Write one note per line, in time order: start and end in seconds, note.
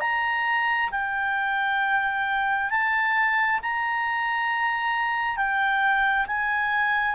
0.00 0.90 A#5
0.91 2.70 G5
2.70 3.59 A5
3.62 5.36 A#5
5.36 6.26 G5
6.26 7.15 G#5